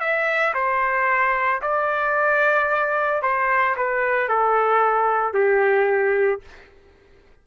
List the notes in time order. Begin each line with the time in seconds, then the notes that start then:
0.00 E5
0.54 C5
1.61 D5
3.22 C5
3.76 B4
4.28 A4
5.33 G4